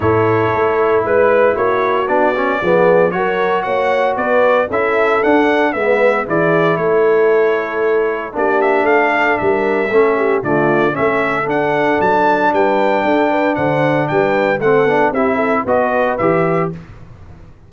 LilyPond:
<<
  \new Staff \with { instrumentName = "trumpet" } { \time 4/4 \tempo 4 = 115 cis''2 b'4 cis''4 | d''2 cis''4 fis''4 | d''4 e''4 fis''4 e''4 | d''4 cis''2. |
d''8 e''8 f''4 e''2 | d''4 e''4 fis''4 a''4 | g''2 fis''4 g''4 | fis''4 e''4 dis''4 e''4 | }
  \new Staff \with { instrumentName = "horn" } { \time 4/4 a'2 b'4 fis'4~ | fis'4 gis'4 ais'4 cis''4 | b'4 a'2 b'4 | gis'4 a'2. |
g'4 a'4 ais'4 a'8 g'8 | f'4 a'2. | b'4 a'8 b'8 c''4 b'4 | a'4 g'8 a'8 b'2 | }
  \new Staff \with { instrumentName = "trombone" } { \time 4/4 e'1 | d'8 cis'8 b4 fis'2~ | fis'4 e'4 d'4 b4 | e'1 |
d'2. cis'4 | a4 cis'4 d'2~ | d'1 | c'8 d'8 e'4 fis'4 g'4 | }
  \new Staff \with { instrumentName = "tuba" } { \time 4/4 a,4 a4 gis4 ais4 | b4 f4 fis4 ais4 | b4 cis'4 d'4 gis4 | e4 a2. |
ais4 a4 g4 a4 | d4 a4 d'4 fis4 | g4 d'4 d4 g4 | a8 b8 c'4 b4 e4 | }
>>